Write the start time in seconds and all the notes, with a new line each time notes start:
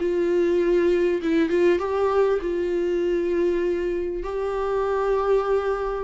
0.00 F4
1.23 E4
1.49 F4
1.79 G4
2.41 F4
4.23 G4